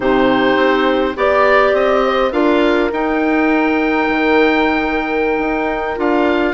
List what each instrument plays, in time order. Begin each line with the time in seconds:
0.00 bassoon C3, clarinet D#4, horn G4, oboe C5
0.56 bassoon C4
1.15 bassoon B3, clarinet G4, oboe D5, horn D5
1.73 bassoon C4, oboe D#5
2.06 horn C5
2.32 bassoon D4, clarinet F4, horn A#4, oboe F5
2.91 bassoon D#4, clarinet D#4, oboe G5
4.08 bassoon D#3
5.38 bassoon D#4
5.96 bassoon D4, clarinet F4, oboe F5